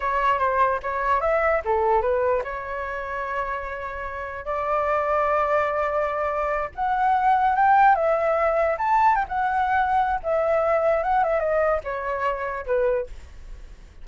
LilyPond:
\new Staff \with { instrumentName = "flute" } { \time 4/4 \tempo 4 = 147 cis''4 c''4 cis''4 e''4 | a'4 b'4 cis''2~ | cis''2. d''4~ | d''1~ |
d''8 fis''2 g''4 e''8~ | e''4. a''4 g''16 fis''4~ fis''16~ | fis''4 e''2 fis''8 e''8 | dis''4 cis''2 b'4 | }